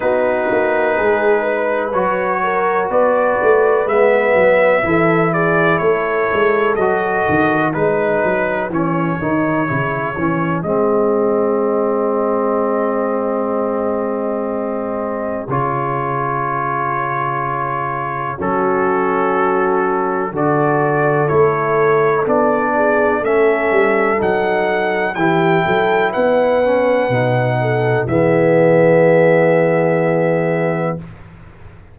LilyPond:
<<
  \new Staff \with { instrumentName = "trumpet" } { \time 4/4 \tempo 4 = 62 b'2 cis''4 d''4 | e''4. d''8 cis''4 dis''4 | b'4 cis''2 dis''4~ | dis''1 |
cis''2. a'4~ | a'4 d''4 cis''4 d''4 | e''4 fis''4 g''4 fis''4~ | fis''4 e''2. | }
  \new Staff \with { instrumentName = "horn" } { \time 4/4 fis'4 gis'8 b'4 ais'8 b'4~ | b'4 a'8 gis'8 a'2 | gis'1~ | gis'1~ |
gis'2. fis'4~ | fis'4 a'2~ a'8 gis'8 | a'2 g'8 a'8 b'4~ | b'8 a'8 gis'2. | }
  \new Staff \with { instrumentName = "trombone" } { \time 4/4 dis'2 fis'2 | b4 e'2 fis'4 | dis'4 cis'8 dis'8 e'8 cis'8 c'4~ | c'1 |
f'2. cis'4~ | cis'4 fis'4 e'4 d'4 | cis'4 dis'4 e'4. cis'8 | dis'4 b2. | }
  \new Staff \with { instrumentName = "tuba" } { \time 4/4 b8 ais8 gis4 fis4 b8 a8 | gis8 fis8 e4 a8 gis8 fis8 dis8 | gis8 fis8 e8 dis8 cis8 e8 gis4~ | gis1 |
cis2. fis4~ | fis4 d4 a4 b4 | a8 g8 fis4 e8 fis8 b4 | b,4 e2. | }
>>